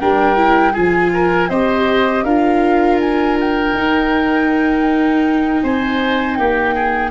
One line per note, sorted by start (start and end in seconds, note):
0.00 0.76 G3
0.00 0.36 D4
0.00 0.73 A#4
0.00 0.75 G5
0.36 0.74 E4
0.73 1.50 F3
0.73 1.50 F4
0.73 1.10 G#4
0.73 1.50 G#5
1.14 1.50 A#4
1.50 2.24 C4
1.50 2.27 G4
1.50 2.25 C5
1.50 2.24 D#5
2.24 3.74 D4
2.24 3.76 F4
2.24 5.62 A#4
2.24 2.99 F5
3.00 3.38 G#5
3.40 5.63 G5
3.74 5.62 D#4
3.74 7.11 D#4
5.63 6.38 C4
5.63 6.38 C5
5.63 6.36 G#5
6.36 7.11 A#3
6.36 6.75 G4
6.36 7.11 G5
6.75 7.11 G#4